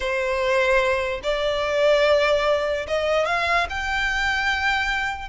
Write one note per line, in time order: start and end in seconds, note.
0.00 1.20 C5
1.23 2.86 D5
2.87 3.25 D#5
3.25 3.66 F5
3.69 5.29 G5